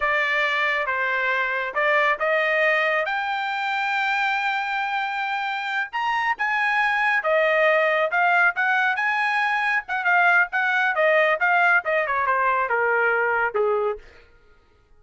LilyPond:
\new Staff \with { instrumentName = "trumpet" } { \time 4/4 \tempo 4 = 137 d''2 c''2 | d''4 dis''2 g''4~ | g''1~ | g''4. ais''4 gis''4.~ |
gis''8 dis''2 f''4 fis''8~ | fis''8 gis''2 fis''8 f''4 | fis''4 dis''4 f''4 dis''8 cis''8 | c''4 ais'2 gis'4 | }